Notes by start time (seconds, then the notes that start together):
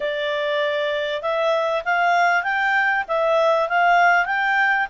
0.00 D5
1.21 E5
1.85 F5
2.43 G5
3.08 E5
3.68 F5
4.26 G5